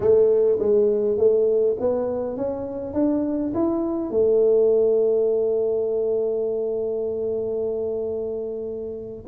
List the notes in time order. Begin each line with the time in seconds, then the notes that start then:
0.00 A3
0.59 G#3
1.17 A3
1.80 B3
2.36 C#4
2.93 D4
3.54 E4
4.10 A3